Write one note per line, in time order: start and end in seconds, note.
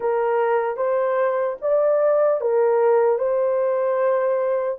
0.00 0.76 A#4
0.76 1.56 C5
1.61 2.40 D5
2.40 3.18 A#4
3.18 4.78 C5